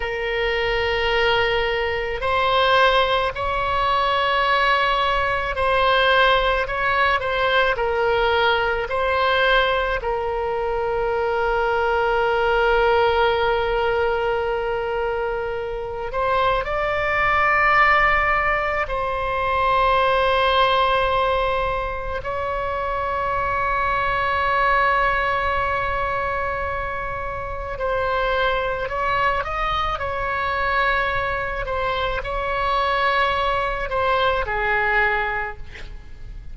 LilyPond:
\new Staff \with { instrumentName = "oboe" } { \time 4/4 \tempo 4 = 54 ais'2 c''4 cis''4~ | cis''4 c''4 cis''8 c''8 ais'4 | c''4 ais'2.~ | ais'2~ ais'8 c''8 d''4~ |
d''4 c''2. | cis''1~ | cis''4 c''4 cis''8 dis''8 cis''4~ | cis''8 c''8 cis''4. c''8 gis'4 | }